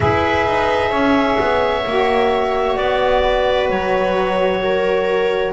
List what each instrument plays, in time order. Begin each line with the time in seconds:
0.00 double bass E4, saxophone G#4, viola B4, clarinet E5
0.47 double bass D#4
0.89 double bass C#4, viola C#5
1.39 double bass B3
1.86 double bass A#3, saxophone F#4
2.76 double bass B3, clarinet D5
3.22 viola B4
3.69 double bass F#3, clarinet C#5
4.62 viola A#4